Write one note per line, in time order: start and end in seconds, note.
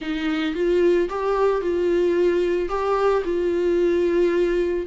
0.01 0.55 D#4
0.55 1.09 F4
1.09 1.61 G4
1.61 2.68 F4
2.68 3.22 G4
3.24 4.86 F4